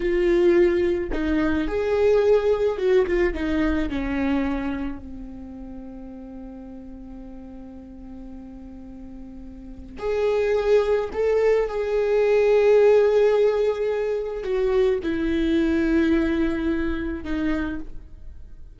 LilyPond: \new Staff \with { instrumentName = "viola" } { \time 4/4 \tempo 4 = 108 f'2 dis'4 gis'4~ | gis'4 fis'8 f'8 dis'4 cis'4~ | cis'4 c'2.~ | c'1~ |
c'2 gis'2 | a'4 gis'2.~ | gis'2 fis'4 e'4~ | e'2. dis'4 | }